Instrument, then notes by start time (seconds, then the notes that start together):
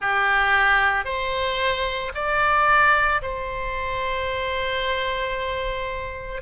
oboe
0.01 G4
1.05 C5
2.14 D5
3.21 C5